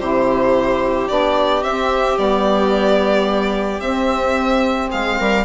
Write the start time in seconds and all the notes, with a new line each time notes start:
0.00 C3 E4 G4 C5
1.09 B3 D4 D5
1.63 C4 E5
2.17 G3 B3 D5
3.81 C4 E5
4.90 G#3 G#4 F5
5.20 G3 A#4